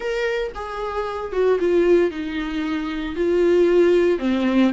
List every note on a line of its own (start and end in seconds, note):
0.00 0.52 A#4
0.54 1.32 G#4
1.32 1.58 F#4
1.59 2.11 F4
2.11 3.15 D#4
3.15 4.18 F4
4.18 4.71 C4